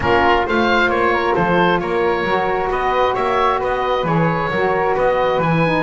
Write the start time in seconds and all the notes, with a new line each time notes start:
0.00 A#3 C#4 F4 A#4
0.46 A3 F4 C5 F5
0.87 A#3 C#5
1.13 A#4
1.35 F3 A4 C5
1.79 A#3 A#4 C#5
2.23 F#3 F#4
2.70 B3 B4 D#5
3.13 A#3 C#5 E5
3.59 B3 B4 D#5
4.03 E3 G#4 C#5
4.50 F#3 F#4 A#4
4.95 B3 B4 D#5
5.38 E3 G#5
5.45 E4
5.66 D#4